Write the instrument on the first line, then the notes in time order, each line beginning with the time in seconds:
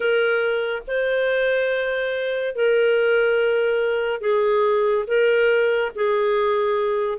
clarinet
0.00 A#4
0.87 C5
2.55 A#4
4.20 G#4
5.07 A#4
5.95 G#4